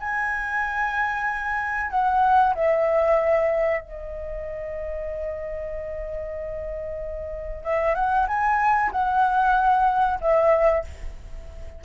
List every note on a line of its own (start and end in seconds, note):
0.00 1.91 G#5
1.91 2.54 F#5
2.55 3.82 E5
3.82 7.64 D#5
7.64 7.95 E5
7.95 8.27 F#5
8.28 8.92 G#5
8.92 10.20 F#5
10.21 10.85 E5